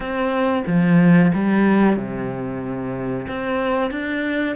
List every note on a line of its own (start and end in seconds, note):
0.00 0.63 C4
0.66 1.32 F3
1.33 1.96 G3
1.96 3.26 C3
3.28 3.90 C4
3.90 4.55 D4